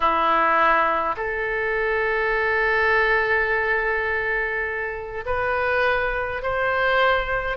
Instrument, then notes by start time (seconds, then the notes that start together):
oboe
0.00 E4
1.16 A4
5.25 B4
6.42 C5